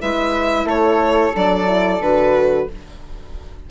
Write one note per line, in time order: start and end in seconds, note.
0.00 0.65 G#3
0.00 1.33 E4
0.00 0.66 B4
0.00 0.68 E5
0.65 1.31 A3
0.65 2.66 A4
0.65 1.35 C#5
1.34 2.00 F#3
1.34 1.66 D4
1.34 2.02 D5
1.66 1.99 E4
2.00 2.67 D3
2.00 2.70 F#4
2.00 2.68 B4